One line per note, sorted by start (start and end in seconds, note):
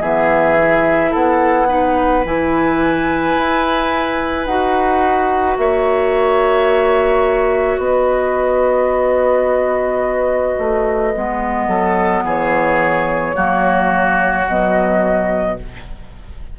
0.00 1.12 E3
0.00 0.57 B3
0.00 1.10 G#4
0.00 1.13 E5
0.57 1.67 E4
1.10 2.24 B3
1.10 1.66 A4
1.10 2.24 F#5
1.67 2.23 D#4
1.67 5.57 B4
2.24 3.35 E3
2.24 4.47 E4
2.24 4.45 G#5
3.37 4.46 E4
4.45 5.57 D#4
4.45 11.14 F#4
4.45 5.56 F#5
5.57 7.78 A#3
5.57 7.80 C#5
5.57 7.78 E5
7.78 10.55 B3
7.78 11.68 B4
7.78 12.23 D#5
10.58 11.14 A3
11.15 11.67 G#3
11.15 13.34 B3
11.67 12.23 F#3
11.67 12.23 A4
12.23 13.34 E3
12.23 13.35 G#4
12.23 14.47 C#5
13.34 14.47 F#3
13.34 14.45 A#3
13.34 15.58 F#4
14.47 15.58 B2
14.47 15.59 F#3
14.47 15.58 D#5